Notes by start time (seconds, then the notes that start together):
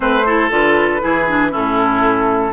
0.00 A3 C4 B4 C5
0.25 E4 A4
0.50 D3 F4 B4
1.01 E3 E4 G#4
1.28 D4
1.51 A2 C#4 E4 A4